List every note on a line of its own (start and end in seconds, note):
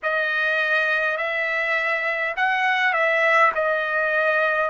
0.03 1.17 D#5
1.17 2.35 E5
2.36 2.93 F#5
2.93 3.51 E5
3.55 4.70 D#5